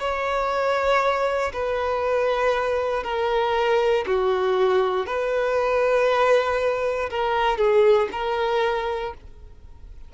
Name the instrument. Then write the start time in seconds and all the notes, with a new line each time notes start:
violin
0.00 C#5
1.53 B4
3.04 A#4
4.07 F#4
5.07 B4
7.10 A#4
7.58 G#4
8.12 A#4